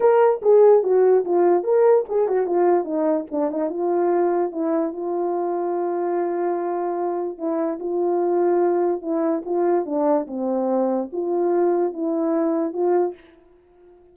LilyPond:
\new Staff \with { instrumentName = "horn" } { \time 4/4 \tempo 4 = 146 ais'4 gis'4 fis'4 f'4 | ais'4 gis'8 fis'8 f'4 dis'4 | d'8 dis'8 f'2 e'4 | f'1~ |
f'2 e'4 f'4~ | f'2 e'4 f'4 | d'4 c'2 f'4~ | f'4 e'2 f'4 | }